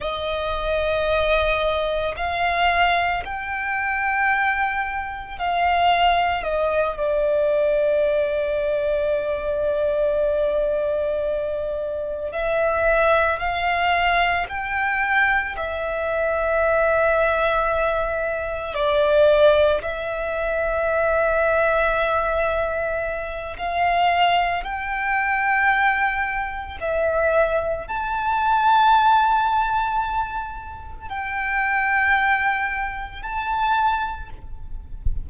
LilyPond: \new Staff \with { instrumentName = "violin" } { \time 4/4 \tempo 4 = 56 dis''2 f''4 g''4~ | g''4 f''4 dis''8 d''4.~ | d''2.~ d''8 e''8~ | e''8 f''4 g''4 e''4.~ |
e''4. d''4 e''4.~ | e''2 f''4 g''4~ | g''4 e''4 a''2~ | a''4 g''2 a''4 | }